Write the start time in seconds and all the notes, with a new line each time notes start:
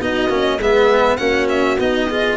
0.00 B3 D#4 F#4 D#5
0.29 A#3 C#4
0.58 G#3 B3 G#4 E5
1.17 A#3 C#4 F#4 F#5
1.49 E5
1.79 B3 D#4 D#5
2.08 F4 G#4